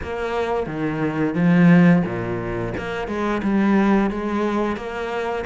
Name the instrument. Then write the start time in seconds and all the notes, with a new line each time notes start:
cello
0.03 A#3
0.66 D#3
1.35 F3
2.05 A#2
2.77 A#3
3.07 G#3
3.42 G3
4.10 G#3
4.76 A#3